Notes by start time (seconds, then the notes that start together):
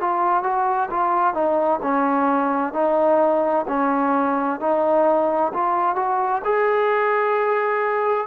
0.00 F4
0.43 F#4
0.90 F4
1.33 D#4
1.82 C#4
2.73 D#4
3.68 C#4
4.60 D#4
5.53 F4
5.95 F#4
6.44 G#4